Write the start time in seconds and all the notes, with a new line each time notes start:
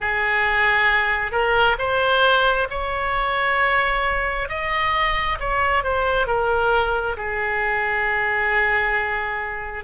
0.00 G#4
1.31 A#4
1.78 C5
2.69 C#5
4.48 D#5
5.39 C#5
5.83 C5
6.26 A#4
7.16 G#4